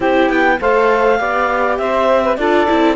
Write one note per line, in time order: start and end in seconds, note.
0.00 0.29 C4
0.00 0.59 E4
0.00 0.55 G4
0.00 0.29 C5
0.29 0.59 B3
0.29 0.59 G5
0.60 1.19 A3
0.60 1.18 A4
0.60 1.19 C5
0.60 1.77 F5
1.18 1.79 B3
1.18 2.37 G4
1.18 1.78 D5
1.77 2.37 C4
1.77 2.23 C5
1.77 2.36 E5
2.23 2.38 B4
2.36 2.67 D4
2.36 2.67 F4
2.36 2.96 A4
2.36 2.96 D5
2.67 2.96 C4
2.67 2.96 E4